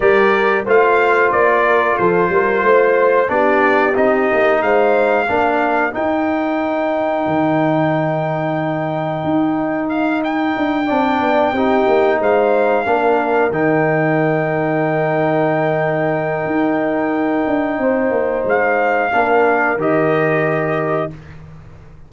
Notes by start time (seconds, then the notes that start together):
0.00 G3 G4 A#4 D5
0.65 A3 F4 C5 F5
1.31 A#3 D5
1.65 A#4
1.97 F3 A4 C5
2.29 G3 A#4
2.62 A3 C5
3.27 B3 D4 G4 D5
3.94 C4 D#4 D#5
4.32 A#3
4.61 G#3 C5 F5
5.27 A#3 D4 A#4
5.91 D#4 G5
7.26 D#3
9.23 D#4
9.89 F5
10.23 G5
10.57 D4
10.85 C4 D4 D5
11.20 B3
11.52 C4 D#4 G4
11.87 A#3
12.19 G#3 C5 F5
12.85 A#3 D4 A#4
13.50 D#3 D#4 G5
16.45 D#4
17.47 D4
17.78 C4 C5
18.10 A#3
18.45 G#3 F5
19.12 A#3 D4 A#4
19.77 D#3 G4 D#5